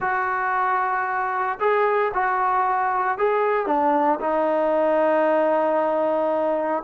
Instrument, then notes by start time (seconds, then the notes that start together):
trombone
0.00 F#4
1.59 G#4
2.14 F#4
3.17 G#4
3.66 D4
4.20 D#4